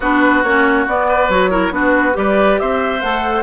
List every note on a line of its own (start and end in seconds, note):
0.00 0.43 B3
0.00 0.45 D4
0.00 1.07 F#4
0.00 0.43 B4
0.43 0.87 A#3
0.43 0.88 C#4
0.43 0.86 C#5
0.87 1.28 B3
0.87 1.31 B3
0.87 1.30 D5
1.08 1.50 B4
1.28 1.70 F#3
1.28 1.51 F#4
1.28 1.73 C#5
1.50 1.71 E4
1.50 1.72 A#4
1.70 2.13 B3
1.70 2.13 D4
1.70 2.17 F#4
1.70 2.17 B4
2.13 2.60 G3
2.13 2.99 G4
2.13 2.60 B4
2.13 2.59 D5
2.59 3.03 C4
2.59 3.43 C5
2.59 3.01 E5
3.01 3.43 A3
3.01 3.43 A4
3.01 3.43 F#5